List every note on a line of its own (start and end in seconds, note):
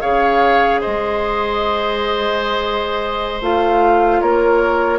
0.00 0.83 C#3
0.00 3.40 G#4
0.00 0.80 C#5
0.00 0.80 F5
0.80 3.41 G#3
0.80 4.20 C5
0.80 3.41 D#5
3.41 4.21 A3
3.41 4.99 F4
3.41 4.21 F5
4.21 4.99 A#3
4.21 4.99 A#4
4.21 4.99 C#5